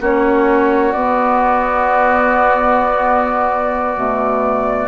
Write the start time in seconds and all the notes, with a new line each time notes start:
0.00 A#3 C#4 F#4 C#5
0.92 B3 D5
3.96 B2 A3